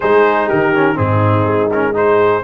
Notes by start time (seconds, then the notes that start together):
0.00 G#3 D#4 G#4 C5
0.46 D#3 G4 A#4
0.75 C#4
0.95 G#2 C4 D#4 G#4
1.44 G#3
1.71 C#4 A#4
1.93 D#4 G#4 C5